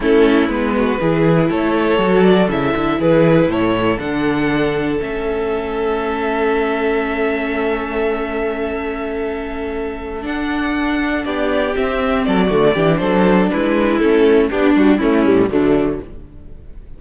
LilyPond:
<<
  \new Staff \with { instrumentName = "violin" } { \time 4/4 \tempo 4 = 120 a'4 b'2 cis''4~ | cis''8 d''8 e''4 b'4 cis''4 | fis''2 e''2~ | e''1~ |
e''1~ | e''8 fis''2 d''4 e''8~ | e''8 d''4. c''4 b'4 | a'4 g'8 fis'8 e'4 d'4 | }
  \new Staff \with { instrumentName = "violin" } { \time 4/4 e'4. fis'8 gis'4 a'4~ | a'2 gis'4 a'4~ | a'1~ | a'1~ |
a'1~ | a'2~ a'8 g'4.~ | g'8 a'8 fis'8 g'8 a'4 e'4~ | e'4 d'4 cis'4 a4 | }
  \new Staff \with { instrumentName = "viola" } { \time 4/4 cis'4 b4 e'2 | fis'4 e'2. | d'2 cis'2~ | cis'1~ |
cis'1~ | cis'8 d'2. c'8~ | c'4 a8 d'2~ d'8 | cis'4 d'4 a8 g8 fis4 | }
  \new Staff \with { instrumentName = "cello" } { \time 4/4 a4 gis4 e4 a4 | fis4 cis8 d8 e4 a,4 | d2 a2~ | a1~ |
a1~ | a8 d'2 b4 c'8~ | c'8 fis8 d8 e8 fis4 gis4 | a4 b8 g8 a8 a,8 d4 | }
>>